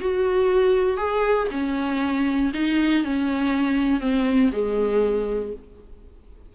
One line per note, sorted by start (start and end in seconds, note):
0.00 0.97 F#4
0.97 1.47 G#4
1.51 2.52 C#4
2.53 3.03 D#4
3.03 4.00 C#4
4.00 4.50 C4
4.52 5.53 G#3